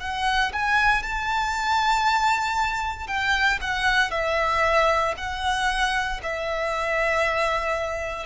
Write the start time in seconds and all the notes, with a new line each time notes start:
0.00 F#5
0.53 G#5
1.03 A5
3.07 G5
3.61 F#5
4.11 E5
5.17 F#5
6.22 E5